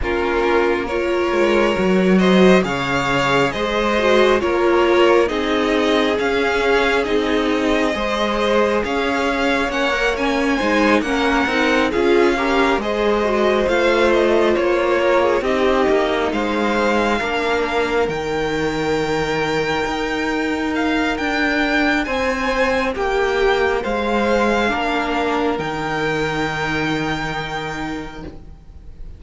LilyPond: <<
  \new Staff \with { instrumentName = "violin" } { \time 4/4 \tempo 4 = 68 ais'4 cis''4. dis''8 f''4 | dis''4 cis''4 dis''4 f''4 | dis''2 f''4 fis''8 gis''8~ | gis''8 fis''4 f''4 dis''4 f''8 |
dis''8 cis''4 dis''4 f''4.~ | f''8 g''2. f''8 | g''4 gis''4 g''4 f''4~ | f''4 g''2. | }
  \new Staff \with { instrumentName = "violin" } { \time 4/4 f'4 ais'4. c''8 cis''4 | c''4 ais'4 gis'2~ | gis'4 c''4 cis''2 | c''8 ais'4 gis'8 ais'8 c''4.~ |
c''4 ais'16 gis'16 g'4 c''4 ais'8~ | ais'1~ | ais'4 c''4 g'4 c''4 | ais'1 | }
  \new Staff \with { instrumentName = "viola" } { \time 4/4 cis'4 f'4 fis'4 gis'4~ | gis'8 fis'8 f'4 dis'4 cis'4 | dis'4 gis'2 cis'16 ais'16 cis'8 | dis'8 cis'8 dis'8 f'8 g'8 gis'8 fis'8 f'8~ |
f'4. dis'2 d'8~ | d'8 dis'2.~ dis'8~ | dis'1 | d'4 dis'2. | }
  \new Staff \with { instrumentName = "cello" } { \time 4/4 ais4. gis8 fis4 cis4 | gis4 ais4 c'4 cis'4 | c'4 gis4 cis'4 ais4 | gis8 ais8 c'8 cis'4 gis4 a8~ |
a8 ais4 c'8 ais8 gis4 ais8~ | ais8 dis2 dis'4. | d'4 c'4 ais4 gis4 | ais4 dis2. | }
>>